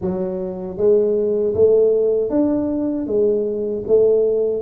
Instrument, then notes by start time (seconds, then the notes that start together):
tuba
0.01 F#3
0.77 G#3
1.54 A3
2.29 D4
3.06 G#3
3.87 A3